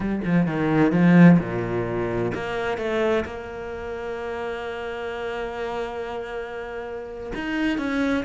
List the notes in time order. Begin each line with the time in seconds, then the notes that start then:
0.00 G3
0.24 F3
0.46 D#3
0.92 F3
1.39 A#2
2.34 A#3
2.77 A3
3.25 A#3
7.34 D#4
7.78 C#4